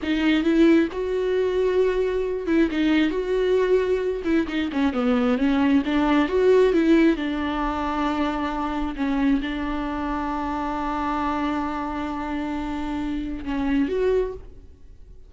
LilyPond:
\new Staff \with { instrumentName = "viola" } { \time 4/4 \tempo 4 = 134 dis'4 e'4 fis'2~ | fis'4. e'8 dis'4 fis'4~ | fis'4. e'8 dis'8 cis'8 b4 | cis'4 d'4 fis'4 e'4 |
d'1 | cis'4 d'2.~ | d'1~ | d'2 cis'4 fis'4 | }